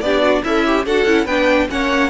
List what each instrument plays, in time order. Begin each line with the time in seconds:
0.00 cello B3, viola D4, violin G4 D5
0.21 violin F#4
0.43 cello C#4, violin E4 E5, viola A4
0.66 viola G4
0.85 cello D4, viola F#4, violin A4 F#5
1.04 cello C#4, viola E4
1.25 cello B3, viola D4, violin B4 G5
1.68 cello A#3, viola C#4, violin C#5 F#5